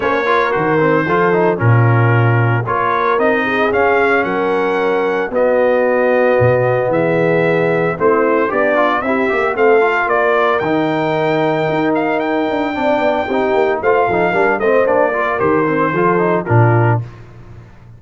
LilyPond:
<<
  \new Staff \with { instrumentName = "trumpet" } { \time 4/4 \tempo 4 = 113 cis''4 c''2 ais'4~ | ais'4 cis''4 dis''4 f''4 | fis''2 dis''2~ | dis''4 e''2 c''4 |
d''4 e''4 f''4 d''4 | g''2~ g''8 f''8 g''4~ | g''2 f''4. dis''8 | d''4 c''2 ais'4 | }
  \new Staff \with { instrumentName = "horn" } { \time 4/4 c''8 ais'4. a'4 f'4~ | f'4 ais'4. gis'4. | ais'2 fis'2~ | fis'4 gis'2 e'4 |
d'4 g'4 a'4 ais'4~ | ais'1 | d''4 g'4 c''8 a'8 ais'8 c''8~ | c''8 ais'4. a'4 f'4 | }
  \new Staff \with { instrumentName = "trombone" } { \time 4/4 cis'8 f'8 fis'8 c'8 f'8 dis'8 cis'4~ | cis'4 f'4 dis'4 cis'4~ | cis'2 b2~ | b2. c'4 |
g'8 f'8 e'8 g'8 c'8 f'4. | dis'1 | d'4 dis'4 f'8 dis'8 d'8 c'8 | d'8 f'8 g'8 c'8 f'8 dis'8 d'4 | }
  \new Staff \with { instrumentName = "tuba" } { \time 4/4 ais4 dis4 f4 ais,4~ | ais,4 ais4 c'4 cis'4 | fis2 b2 | b,4 e2 a4 |
b4 c'8 ais8 a4 ais4 | dis2 dis'4. d'8 | c'8 b8 c'8 ais8 a8 f8 g8 a8 | ais4 dis4 f4 ais,4 | }
>>